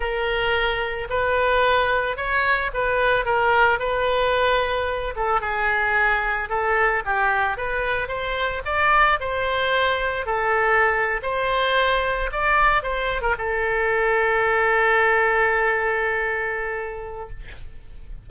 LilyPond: \new Staff \with { instrumentName = "oboe" } { \time 4/4 \tempo 4 = 111 ais'2 b'2 | cis''4 b'4 ais'4 b'4~ | b'4. a'8 gis'2 | a'4 g'4 b'4 c''4 |
d''4 c''2 a'4~ | a'8. c''2 d''4 c''16~ | c''8 ais'16 a'2.~ a'16~ | a'1 | }